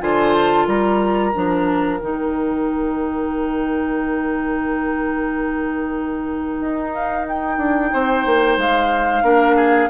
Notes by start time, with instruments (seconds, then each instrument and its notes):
0.00 bassoon D3, clarinet F4, oboe C5, flute G#5
0.34 flute A5
0.66 bassoon G3, oboe A#4, flute A#5
1.34 bassoon F3, clarinet D4
2.00 bassoon D#3, clarinet D#4, flute G5
6.61 bassoon D#4
6.93 flute F5
7.28 flute G5
7.58 bassoon D4
7.93 bassoon C4, oboe C5
8.26 bassoon A#3
8.58 bassoon G#3, flute F5
9.23 bassoon A#3, clarinet D4, oboe A#4
9.56 oboe G#4